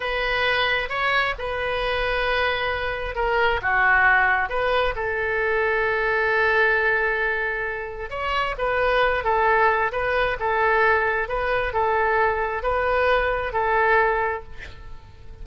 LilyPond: \new Staff \with { instrumentName = "oboe" } { \time 4/4 \tempo 4 = 133 b'2 cis''4 b'4~ | b'2. ais'4 | fis'2 b'4 a'4~ | a'1~ |
a'2 cis''4 b'4~ | b'8 a'4. b'4 a'4~ | a'4 b'4 a'2 | b'2 a'2 | }